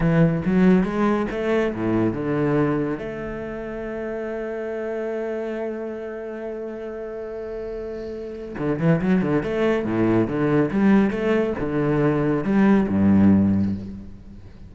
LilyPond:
\new Staff \with { instrumentName = "cello" } { \time 4/4 \tempo 4 = 140 e4 fis4 gis4 a4 | a,4 d2 a4~ | a1~ | a1~ |
a1 | d8 e8 fis8 d8 a4 a,4 | d4 g4 a4 d4~ | d4 g4 g,2 | }